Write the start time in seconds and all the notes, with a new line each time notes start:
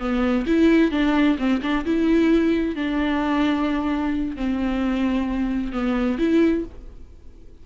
0.00 B3
0.46 E4
0.92 D4
1.39 C4
1.62 D4
1.85 E4
2.76 D4
4.36 C4
5.73 B3
6.19 E4